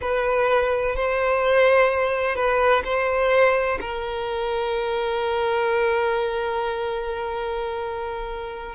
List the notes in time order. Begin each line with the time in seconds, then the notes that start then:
0.01 B4
0.95 C5
2.35 B4
2.84 C5
3.81 A#4